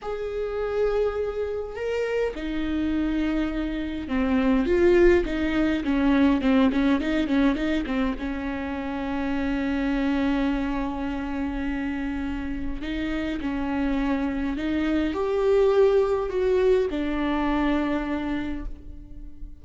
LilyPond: \new Staff \with { instrumentName = "viola" } { \time 4/4 \tempo 4 = 103 gis'2. ais'4 | dis'2. c'4 | f'4 dis'4 cis'4 c'8 cis'8 | dis'8 cis'8 dis'8 c'8 cis'2~ |
cis'1~ | cis'2 dis'4 cis'4~ | cis'4 dis'4 g'2 | fis'4 d'2. | }